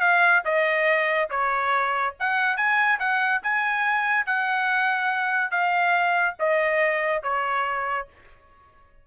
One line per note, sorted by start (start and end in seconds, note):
0.00 0.42 F5
0.45 1.29 D#5
1.30 2.14 C#5
2.19 2.56 F#5
2.56 2.99 G#5
2.99 3.41 F#5
3.43 4.26 G#5
4.26 5.50 F#5
5.50 6.35 F5
6.39 7.22 D#5
7.22 8.07 C#5